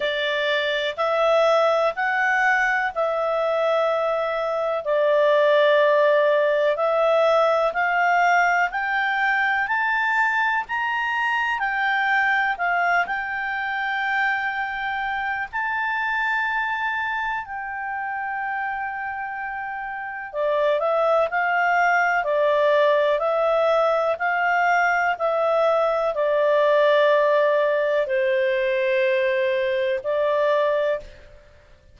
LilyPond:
\new Staff \with { instrumentName = "clarinet" } { \time 4/4 \tempo 4 = 62 d''4 e''4 fis''4 e''4~ | e''4 d''2 e''4 | f''4 g''4 a''4 ais''4 | g''4 f''8 g''2~ g''8 |
a''2 g''2~ | g''4 d''8 e''8 f''4 d''4 | e''4 f''4 e''4 d''4~ | d''4 c''2 d''4 | }